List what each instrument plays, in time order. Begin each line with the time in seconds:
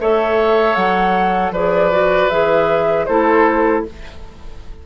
0.00 bassoon A3, clarinet A4, oboe C#5, flute E5
0.75 bassoon F#3, flute F#5
1.51 bassoon F3, clarinet G#4, oboe B4, flute D5
1.92 clarinet F#4
2.30 bassoon E3, clarinet G#4, flute E5
3.06 bassoon A3, clarinet E4, oboe A4, flute C5